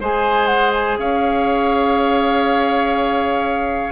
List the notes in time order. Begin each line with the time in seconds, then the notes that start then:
0.00 G#3 G#4 C5 G#5
0.46 F#5
0.73 G#5
0.98 C#4 C#5 F5